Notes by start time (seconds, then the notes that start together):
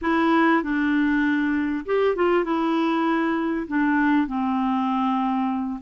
0.01 E4
0.63 D4
1.85 G4
2.15 F4
2.44 E4
3.67 D4
4.27 C4